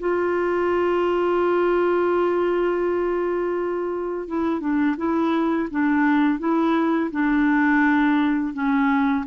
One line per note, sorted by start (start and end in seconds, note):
0.00 4.28 F4
4.28 4.60 E4
4.60 4.96 D4
4.97 5.69 E4
5.71 6.39 D4
6.39 7.11 E4
7.11 8.54 D4
8.54 9.25 C#4